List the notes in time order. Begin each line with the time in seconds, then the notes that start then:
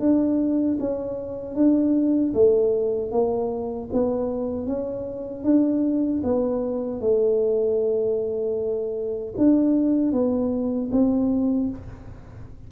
0.00 D4
0.80 C#4
1.55 D4
2.34 A3
3.11 A#3
3.92 B3
4.66 C#4
5.44 D4
6.23 B3
7.01 A3
9.37 D4
10.12 B3
10.92 C4